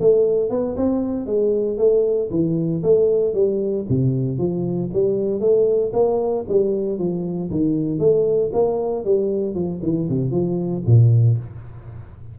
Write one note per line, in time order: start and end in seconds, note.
0.00 0.50 A3
0.50 0.76 B3
0.77 1.26 C4
1.26 1.78 G#3
1.78 2.29 A3
2.30 2.82 E3
2.83 3.34 A3
3.34 3.85 G3
3.89 4.38 C3
4.38 4.90 F3
4.93 5.40 G3
5.40 5.92 A3
5.93 6.45 A#3
6.48 6.99 G3
6.99 7.50 F3
7.50 7.99 D#3
7.99 8.51 A3
8.53 9.04 A#3
9.04 9.54 G3
9.54 9.80 F3
9.83 10.09 E3
10.09 10.31 C3
10.31 10.83 F3
10.86 11.38 A#2